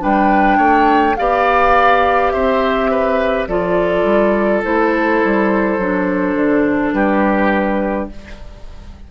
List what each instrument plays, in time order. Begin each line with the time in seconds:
0.00 bassoon G3, clarinet D4, oboe B4, flute G5
0.58 bassoon A3, oboe C#5
1.17 bassoon B3, clarinet G4, oboe D5, flute F5
2.31 bassoon C4, oboe C5, flute E5
2.91 oboe B4
3.48 bassoon F3, clarinet F4, oboe A4, flute D5
4.04 bassoon G3
4.64 bassoon A3, clarinet E4, flute C5
5.24 bassoon G3
5.78 bassoon F#3, clarinet D4
6.35 bassoon D3
6.93 bassoon G3, oboe G4, flute B4